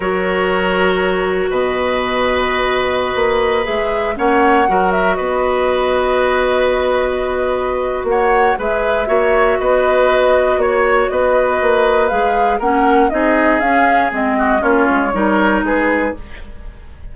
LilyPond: <<
  \new Staff \with { instrumentName = "flute" } { \time 4/4 \tempo 4 = 119 cis''2. dis''4~ | dis''2.~ dis''16 e''8.~ | e''16 fis''4. e''8 dis''4.~ dis''16~ | dis''1 |
fis''4 e''2 dis''4~ | dis''4 cis''4 dis''2 | f''4 fis''4 dis''4 f''4 | dis''4 cis''2 b'4 | }
  \new Staff \with { instrumentName = "oboe" } { \time 4/4 ais'2. b'4~ | b'1~ | b'16 cis''4 ais'4 b'4.~ b'16~ | b'1 |
cis''4 b'4 cis''4 b'4~ | b'4 cis''4 b'2~ | b'4 ais'4 gis'2~ | gis'8 fis'8 f'4 ais'4 gis'4 | }
  \new Staff \with { instrumentName = "clarinet" } { \time 4/4 fis'1~ | fis'2.~ fis'16 gis'8.~ | gis'16 cis'4 fis'2~ fis'8.~ | fis'1~ |
fis'4 gis'4 fis'2~ | fis'1 | gis'4 cis'4 dis'4 cis'4 | c'4 cis'4 dis'2 | }
  \new Staff \with { instrumentName = "bassoon" } { \time 4/4 fis2. b,4~ | b,2~ b,16 ais4 gis8.~ | gis16 ais4 fis4 b4.~ b16~ | b1 |
ais4 gis4 ais4 b4~ | b4 ais4 b4 ais4 | gis4 ais4 c'4 cis'4 | gis4 ais8 gis8 g4 gis4 | }
>>